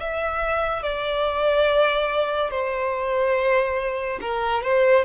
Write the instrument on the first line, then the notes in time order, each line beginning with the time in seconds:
violin
0.00 E5
0.83 D5
2.50 C5
4.21 A#4
4.63 C5